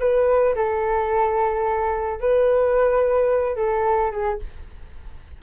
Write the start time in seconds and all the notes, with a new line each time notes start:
0.00 B4
0.56 A4
2.21 B4
3.56 A4
4.12 G#4